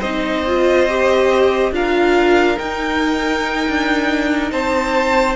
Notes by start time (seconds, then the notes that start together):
0.00 C4 D#4 C5 D#5
0.47 F4
0.89 G4
1.72 D4 F4 A#4 F5
2.58 D#4 G5
3.69 D4
4.52 C4 C5 A5